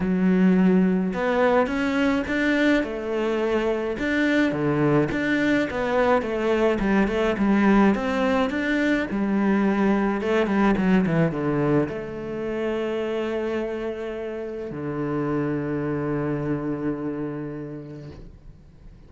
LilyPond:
\new Staff \with { instrumentName = "cello" } { \time 4/4 \tempo 4 = 106 fis2 b4 cis'4 | d'4 a2 d'4 | d4 d'4 b4 a4 | g8 a8 g4 c'4 d'4 |
g2 a8 g8 fis8 e8 | d4 a2.~ | a2 d2~ | d1 | }